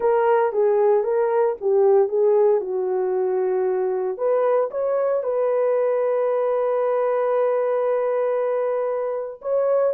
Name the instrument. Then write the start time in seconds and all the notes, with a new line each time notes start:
horn
0.00 A#4
0.52 G#4
1.03 A#4
1.61 G4
2.08 G#4
2.61 F#4
4.17 B4
4.71 C#5
5.23 B4
9.41 C#5